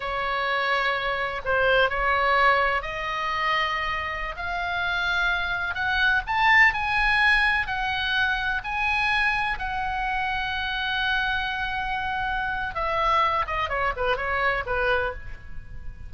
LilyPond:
\new Staff \with { instrumentName = "oboe" } { \time 4/4 \tempo 4 = 127 cis''2. c''4 | cis''2 dis''2~ | dis''4~ dis''16 f''2~ f''8.~ | f''16 fis''4 a''4 gis''4.~ gis''16~ |
gis''16 fis''2 gis''4.~ gis''16~ | gis''16 fis''2.~ fis''8.~ | fis''2. e''4~ | e''8 dis''8 cis''8 b'8 cis''4 b'4 | }